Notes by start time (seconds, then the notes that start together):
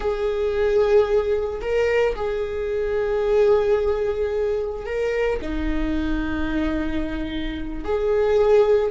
0.00 G#4
1.61 A#4
2.15 G#4
4.85 A#4
5.41 D#4
7.84 G#4